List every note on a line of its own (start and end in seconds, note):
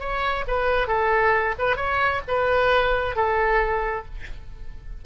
0.00 0.45 C#5
0.48 0.88 B4
0.88 1.55 A4
1.59 1.76 B4
1.76 2.21 C#5
2.28 3.16 B4
3.16 4.06 A4